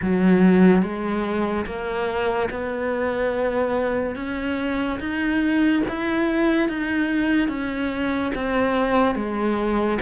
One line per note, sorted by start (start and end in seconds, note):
0.02 0.82 F#3
0.82 1.65 G#3
1.66 2.49 A#3
2.50 4.15 B3
4.15 4.98 C#4
4.99 5.83 D#4
5.88 6.68 E4
6.68 7.48 D#4
7.48 8.31 C#4
8.34 9.15 C4
9.15 9.98 G#3